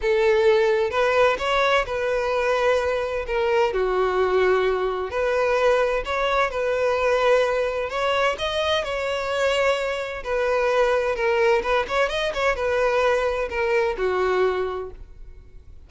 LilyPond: \new Staff \with { instrumentName = "violin" } { \time 4/4 \tempo 4 = 129 a'2 b'4 cis''4 | b'2. ais'4 | fis'2. b'4~ | b'4 cis''4 b'2~ |
b'4 cis''4 dis''4 cis''4~ | cis''2 b'2 | ais'4 b'8 cis''8 dis''8 cis''8 b'4~ | b'4 ais'4 fis'2 | }